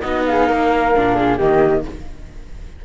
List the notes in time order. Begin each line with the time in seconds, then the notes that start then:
0.00 B3 D#4 F#4 D#5
0.25 G#4 F5
0.47 A#3 A#4
0.96 A#2 D4
1.15 G#4
1.37 D#3 A#3 G4 D#5